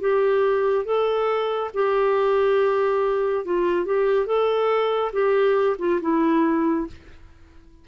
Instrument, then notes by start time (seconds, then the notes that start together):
clarinet
0.00 G4
0.85 A4
1.74 G4
3.45 F4
3.85 G4
4.26 A4
5.12 G4
5.79 F4
6.01 E4